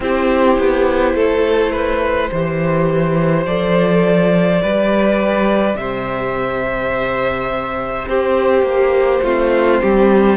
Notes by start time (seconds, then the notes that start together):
0.00 C4 E4 G4 C5
0.58 B3
1.14 A3 A4
1.72 B4
2.31 E3 G4 C5
3.45 F3 A4 D5
4.62 G3 G4 B4
5.75 C3 C5 E5
8.07 C4 G4 C5
8.62 A#3
9.23 A3 C4 F4
9.81 G3 G4